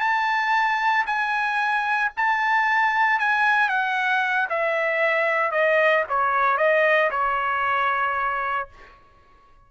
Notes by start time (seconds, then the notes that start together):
0.00 A5
1.06 G#5
2.17 A5
3.20 G#5
3.69 F#5
4.50 E5
5.51 D#5
6.09 C#5
6.58 D#5
7.11 C#5